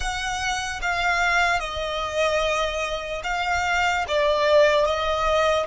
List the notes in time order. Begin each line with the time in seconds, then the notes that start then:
0.00 F#5
0.81 F5
1.59 D#5
3.23 F5
4.08 D5
4.85 D#5